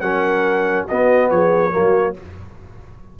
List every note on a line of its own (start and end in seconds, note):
0.00 0.86 F#3
0.00 0.88 C#4
0.00 0.87 A#4
0.00 0.85 F#5
0.88 1.71 B3
0.88 1.30 B3
0.88 1.30 F#4
0.88 1.30 D#5
1.30 1.73 F3
1.30 1.73 G#4
1.30 2.15 C#5
1.71 2.19 F#3
1.71 2.13 A#3
1.71 2.15 F#4